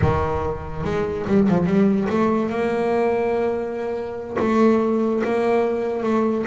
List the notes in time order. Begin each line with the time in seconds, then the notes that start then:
0.01 D#3
0.84 G#3
1.27 G3
1.48 F3
1.66 G3
2.09 A3
2.49 A#3
4.39 A3
5.24 A#3
6.03 A3